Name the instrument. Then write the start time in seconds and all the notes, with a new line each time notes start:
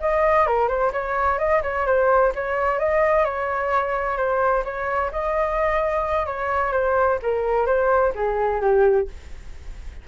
flute
0.00 D#5
0.46 A#4
0.68 C5
0.92 C#5
1.38 D#5
1.62 C#5
1.86 C5
2.35 C#5
2.79 D#5
3.24 C#5
4.17 C5
4.64 C#5
5.11 D#5
6.26 C#5
6.72 C5
7.22 A#4
7.66 C5
8.15 G#4
8.61 G4